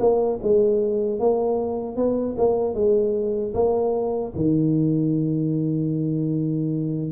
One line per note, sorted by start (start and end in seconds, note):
0.00 0.39 A#3
0.43 1.19 G#3
1.19 1.97 A#3
1.97 2.36 B3
2.38 2.74 A#3
2.74 3.53 G#3
3.54 4.33 A#3
4.36 7.12 D#3